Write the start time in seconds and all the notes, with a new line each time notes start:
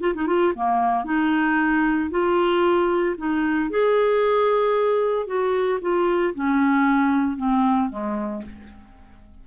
0.00 F4
0.14 D#4
0.27 F4
0.55 A#3
1.04 D#4
2.10 F4
3.17 D#4
3.70 G#4
5.26 F#4
5.81 F4
6.34 C#4
7.37 C4
7.89 G#3